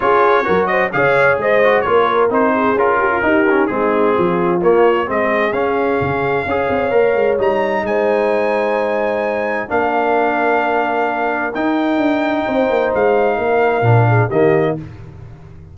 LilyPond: <<
  \new Staff \with { instrumentName = "trumpet" } { \time 4/4 \tempo 4 = 130 cis''4. dis''8 f''4 dis''4 | cis''4 c''4 ais'2 | gis'2 cis''4 dis''4 | f''1 |
ais''4 gis''2.~ | gis''4 f''2.~ | f''4 g''2. | f''2. dis''4 | }
  \new Staff \with { instrumentName = "horn" } { \time 4/4 gis'4 ais'8 c''8 cis''4 c''4 | ais'4. gis'4 g'16 f'16 g'4 | dis'4 f'2 gis'4~ | gis'2 cis''2~ |
cis''4 c''2.~ | c''4 ais'2.~ | ais'2. c''4~ | c''4 ais'4. gis'8 g'4 | }
  \new Staff \with { instrumentName = "trombone" } { \time 4/4 f'4 fis'4 gis'4. fis'8 | f'4 dis'4 f'4 dis'8 cis'8 | c'2 ais4 c'4 | cis'2 gis'4 ais'4 |
dis'1~ | dis'4 d'2.~ | d'4 dis'2.~ | dis'2 d'4 ais4 | }
  \new Staff \with { instrumentName = "tuba" } { \time 4/4 cis'4 fis4 cis4 gis4 | ais4 c'4 cis'4 dis'4 | gis4 f4 ais4 gis4 | cis'4 cis4 cis'8 c'8 ais8 gis8 |
g4 gis2.~ | gis4 ais2.~ | ais4 dis'4 d'4 c'8 ais8 | gis4 ais4 ais,4 dis4 | }
>>